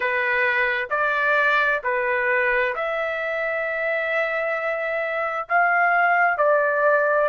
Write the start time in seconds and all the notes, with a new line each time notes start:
0.00 B4
0.90 D5
1.83 B4
2.75 E5
5.48 F5
6.37 D5